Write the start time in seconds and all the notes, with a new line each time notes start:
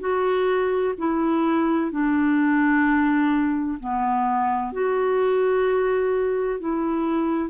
0.00 F#4
0.98 E4
1.91 D4
3.79 B3
4.72 F#4
6.59 E4